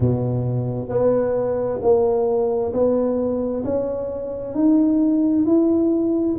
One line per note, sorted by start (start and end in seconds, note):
0.00 0.88 B2
0.88 1.79 B3
1.81 2.72 A#3
2.73 3.64 B3
3.64 4.54 C#4
4.54 5.45 D#4
5.45 6.36 E4